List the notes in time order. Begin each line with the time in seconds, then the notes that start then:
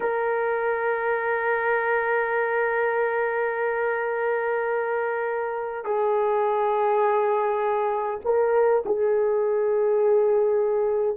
0.00 A#4
5.84 G#4
8.24 A#4
8.85 G#4